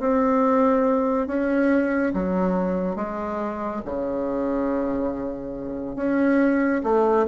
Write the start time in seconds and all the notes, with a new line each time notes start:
0.00 C4
1.27 C#4
2.14 F#3
2.96 G#3
3.85 C#3
5.96 C#4
6.83 A3